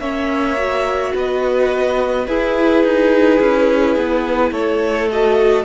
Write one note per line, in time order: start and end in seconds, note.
0.00 1.13 A#3
0.00 0.57 C#4
0.00 1.14 C#5
0.00 1.13 E5
0.57 2.27 F#4
1.15 2.28 B3
1.15 2.28 B4
1.15 2.27 D#5
2.27 2.84 E4
2.27 5.11 E4
2.27 4.53 G#4
2.27 4.53 B4
2.84 3.41 D#4
3.41 3.97 C#4
3.97 4.52 B3
4.52 5.65 A3
4.52 5.65 A4
4.52 5.09 C#5
5.12 5.65 F#4
5.12 5.65 D#5